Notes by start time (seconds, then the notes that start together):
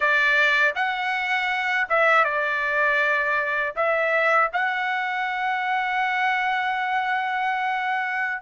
0.00 D5
0.75 F#5
1.89 E5
2.24 D5
3.75 E5
4.52 F#5